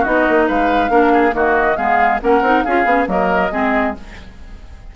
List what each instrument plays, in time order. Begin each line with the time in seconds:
0.00 clarinet D#4, oboe F#4, flute D#5
0.06 bassoon B3
0.29 bassoon A#3
0.48 bassoon G#3, oboe B4, flute F5
0.90 bassoon A#3, clarinet D4, oboe A#4
1.13 oboe G#4
1.31 bassoon D#3, clarinet A#3, oboe F#4
1.37 flute D#5
1.77 bassoon G#3, clarinet B3, oboe G#4, flute F5
2.21 bassoon A#3, clarinet C#4, oboe A#4, flute F#5
2.42 bassoon C4, clarinet D#4
2.64 bassoon C#4, clarinet F4, oboe G#4, flute F5
2.85 bassoon B3, clarinet C#4
3.07 bassoon F#3, clarinet A#3, oboe A#4, flute D#5
3.51 bassoon G#3, clarinet C4, oboe G#4